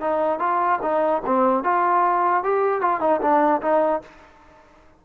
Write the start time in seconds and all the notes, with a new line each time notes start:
0.00 D#4
0.39 F4
0.81 D#4
1.25 C4
1.63 F4
2.43 G4
2.81 F4
3.00 D#4
3.21 D4
3.61 D#4